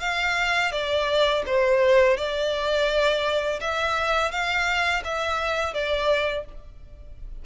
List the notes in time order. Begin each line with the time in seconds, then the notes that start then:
0.00 F5
0.71 D5
1.46 C5
2.17 D5
3.60 E5
4.31 F5
5.04 E5
5.73 D5